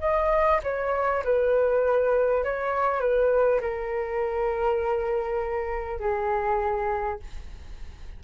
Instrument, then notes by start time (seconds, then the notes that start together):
flute
0.00 D#5
0.63 C#5
1.24 B4
2.44 C#5
3.00 B4
3.61 A#4
5.99 G#4